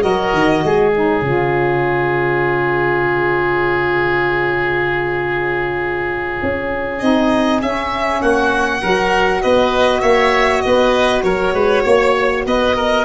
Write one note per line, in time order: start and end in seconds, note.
0.00 0.33 F#3
0.00 0.91 F#4
0.00 0.64 A#4
0.00 0.93 D#5
0.33 0.64 D#3
0.64 1.21 G#3
0.64 8.21 G#4
0.93 1.23 D#4
0.93 6.99 C#5
1.21 6.37 C#3
1.21 6.99 F4
6.42 7.02 C#4
6.99 7.62 C4
6.99 7.61 D#4
6.99 7.60 D#5
7.62 8.22 C#4
7.62 8.79 C#4
7.62 8.22 E5
8.21 8.83 A#3
8.21 8.81 F#4
8.21 9.42 F#5
8.79 9.44 F#3
8.79 13.03 F#4
8.79 9.42 A#4
9.42 10.03 B3
9.42 10.02 B4
9.42 10.01 D#5
10.01 10.63 A#3
10.01 10.62 C#5
10.01 10.61 E5
10.61 11.23 B3
10.61 11.24 B4
10.61 11.22 D#5
11.23 11.54 F#3
11.23 11.54 A#4
11.23 12.45 C#5
11.54 11.84 G#3
11.54 11.83 B4
11.83 12.46 A#3
11.83 12.44 C#5
12.46 13.05 B3
12.46 12.76 B4
12.46 13.05 D#5
12.76 13.05 A#4